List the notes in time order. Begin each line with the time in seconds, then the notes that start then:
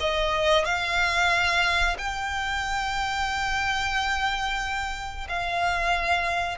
0.00 D#5
0.65 F5
1.98 G5
5.29 F5